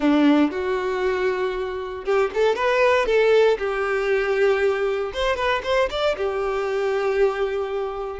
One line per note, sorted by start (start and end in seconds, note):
0.00 0.51 D4
0.51 2.04 F#4
2.04 2.30 G4
2.34 2.55 A4
2.55 3.06 B4
3.06 3.57 A4
3.58 5.12 G4
5.13 5.36 C5
5.36 5.61 B4
5.63 5.89 C5
5.90 6.16 D5
6.17 8.19 G4